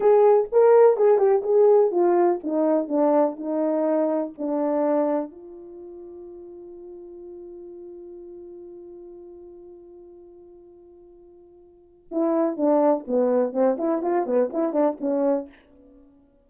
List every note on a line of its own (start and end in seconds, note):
0.00 0.47 G#4
0.51 0.96 A#4
0.96 1.17 G#4
1.17 1.42 G4
1.42 1.91 G#4
1.91 2.39 F4
2.43 2.88 D#4
2.88 3.36 D4
3.36 4.33 D#4
4.38 5.31 D4
5.31 12.08 F4
12.11 12.57 E4
12.57 13.05 D4
13.07 13.52 B3
13.52 13.76 C4
13.77 14.01 E4
14.01 14.25 F4
14.25 14.50 B3
14.52 14.73 E4
14.73 14.97 D4
15.00 15.49 C#4